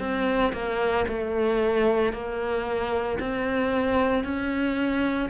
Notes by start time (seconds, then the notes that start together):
0.00 C4
0.53 A#3
1.09 A3
2.13 A#3
3.20 C4
4.24 C#4